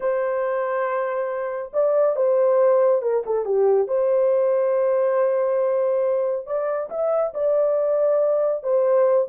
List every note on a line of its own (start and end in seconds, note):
0.00 1.71 C5
1.73 2.15 D5
2.15 3.02 C5
3.02 3.23 A#4
3.26 3.45 A4
3.45 3.87 G4
3.87 6.46 C5
6.46 6.89 D5
6.90 7.33 E5
7.34 8.63 D5
8.63 9.27 C5